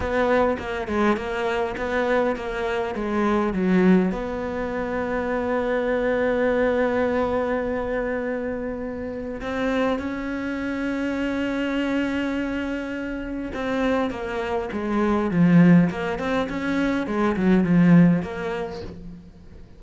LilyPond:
\new Staff \with { instrumentName = "cello" } { \time 4/4 \tempo 4 = 102 b4 ais8 gis8 ais4 b4 | ais4 gis4 fis4 b4~ | b1~ | b1 |
c'4 cis'2.~ | cis'2. c'4 | ais4 gis4 f4 ais8 c'8 | cis'4 gis8 fis8 f4 ais4 | }